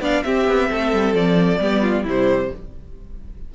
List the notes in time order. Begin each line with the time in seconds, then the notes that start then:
0.00 B3 D4 D5 F5
0.23 C4 G4 E5
0.48 B3
0.70 A3 A4
0.93 G3
1.14 F3 D5
1.60 G3 B3 G4
1.83 F4
2.04 C3 G3 E4 C5